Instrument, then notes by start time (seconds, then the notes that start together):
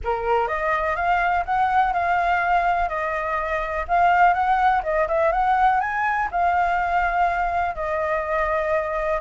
flute
0.04 A#4
0.47 D#5
0.96 F5
1.45 F#5
1.93 F5
2.88 D#5
3.88 F5
4.33 F#5
4.83 D#5
5.08 E5
5.32 F#5
5.80 G#5
6.31 F5
7.75 D#5